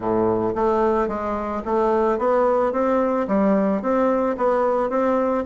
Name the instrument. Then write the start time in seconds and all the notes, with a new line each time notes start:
bassoon
0.00 A2
0.55 A3
1.08 G#3
1.65 A3
2.18 B3
2.72 C4
3.27 G3
3.82 C4
4.37 B3
4.89 C4